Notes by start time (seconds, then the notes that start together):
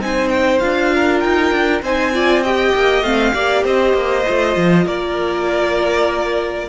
0.00 C4 D#4 C5 G#5
0.29 G5
0.59 D4 F4 F5
0.95 A#4
1.20 D#4 G5
1.51 D4
1.82 C4 D#4 C5 G#5
2.14 F4 D5
2.42 G4 D#5 G5
2.74 A#3
3.02 A3 C4 F5
3.34 A#3 G4 D5
3.64 C4 C5 D#5
3.94 A#3
4.26 A3 F4
4.56 F3
4.86 A#3 A#4 D5